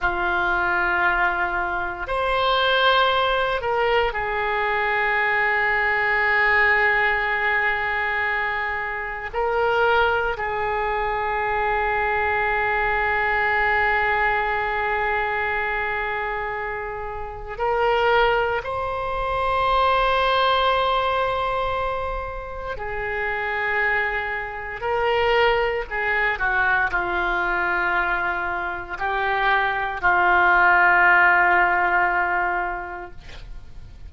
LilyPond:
\new Staff \with { instrumentName = "oboe" } { \time 4/4 \tempo 4 = 58 f'2 c''4. ais'8 | gis'1~ | gis'4 ais'4 gis'2~ | gis'1~ |
gis'4 ais'4 c''2~ | c''2 gis'2 | ais'4 gis'8 fis'8 f'2 | g'4 f'2. | }